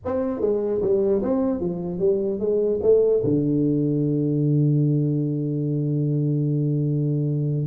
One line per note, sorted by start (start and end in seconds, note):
0.05 0.40 C4
0.40 0.81 G#3
0.81 1.22 G3
1.22 1.60 C4
1.60 1.99 F3
1.99 2.39 G3
2.39 2.79 G#3
2.82 3.22 A3
3.23 7.66 D3